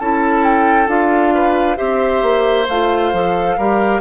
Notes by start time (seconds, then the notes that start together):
0.00 C#4 E4 A4 A5
0.44 G5
0.87 D4 F4 F5
1.34 B4
1.76 C4 G4 C5 E5
2.22 A#3
2.68 A3 F4 F5
3.13 F3 A4
3.58 G3 G4 A#4